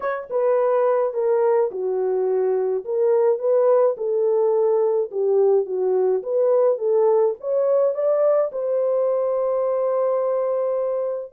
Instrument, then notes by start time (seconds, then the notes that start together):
horn
0.00 C#5
0.30 B4
1.13 A#4
1.71 F#4
2.85 A#4
3.38 B4
3.97 A4
5.11 G4
5.65 F#4
6.23 B4
6.78 A4
7.40 C#5
7.94 D5
8.51 C5